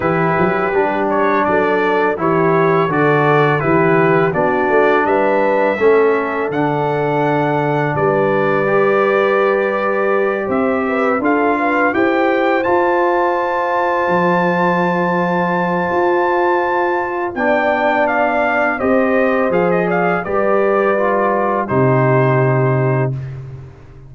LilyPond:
<<
  \new Staff \with { instrumentName = "trumpet" } { \time 4/4 \tempo 4 = 83 b'4. cis''8 d''4 cis''4 | d''4 b'4 d''4 e''4~ | e''4 fis''2 d''4~ | d''2~ d''8 e''4 f''8~ |
f''8 g''4 a''2~ a''8~ | a''1 | g''4 f''4 dis''4 f''16 dis''16 f''8 | d''2 c''2 | }
  \new Staff \with { instrumentName = "horn" } { \time 4/4 g'2 a'4 g'4 | a'4 g'4 fis'4 b'4 | a'2. b'4~ | b'2~ b'8 c''8 b'8 a'8 |
b'8 c''2.~ c''8~ | c''1 | d''2 c''4. d''8 | b'2 g'2 | }
  \new Staff \with { instrumentName = "trombone" } { \time 4/4 e'4 d'2 e'4 | fis'4 e'4 d'2 | cis'4 d'2. | g'2.~ g'8 f'8~ |
f'8 g'4 f'2~ f'8~ | f'1 | d'2 g'4 gis'4 | g'4 f'4 dis'2 | }
  \new Staff \with { instrumentName = "tuba" } { \time 4/4 e8 fis8 g4 fis4 e4 | d4 e4 b8 a8 g4 | a4 d2 g4~ | g2~ g8 c'4 d'8~ |
d'8 e'4 f'2 f8~ | f2 f'2 | b2 c'4 f4 | g2 c2 | }
>>